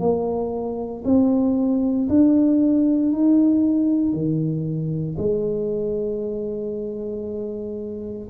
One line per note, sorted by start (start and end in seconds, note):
0.00 1.03 A#3
1.05 2.08 C4
2.09 3.12 D4
3.12 4.13 D#4
4.13 5.16 D#3
5.18 8.29 G#3